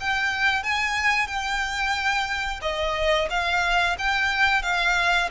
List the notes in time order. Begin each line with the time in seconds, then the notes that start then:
0.00 G5
0.63 G#5
1.27 G5
2.62 D#5
3.30 F5
3.98 G5
4.62 F5